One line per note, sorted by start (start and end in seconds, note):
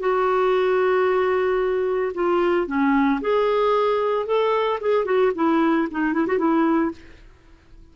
0.00 2.12 F#4
2.15 2.67 F4
2.67 3.21 C#4
3.21 4.26 G#4
4.26 4.79 A4
4.81 5.05 G#4
5.05 5.32 F#4
5.35 5.88 E4
5.91 6.14 D#4
6.14 6.27 E4
6.27 6.38 F#4
6.38 6.91 E4